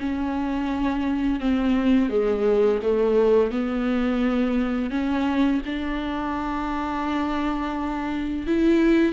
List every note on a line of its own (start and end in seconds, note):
0.00 1.40 C#4
1.40 2.10 C4
2.10 2.80 G#3
2.83 3.51 A3
3.51 4.91 B3
4.91 5.61 C#4
5.66 8.47 D4
8.47 9.13 E4